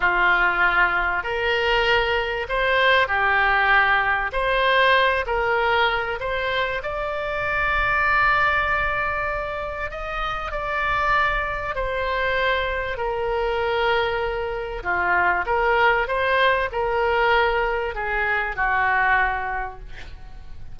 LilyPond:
\new Staff \with { instrumentName = "oboe" } { \time 4/4 \tempo 4 = 97 f'2 ais'2 | c''4 g'2 c''4~ | c''8 ais'4. c''4 d''4~ | d''1 |
dis''4 d''2 c''4~ | c''4 ais'2. | f'4 ais'4 c''4 ais'4~ | ais'4 gis'4 fis'2 | }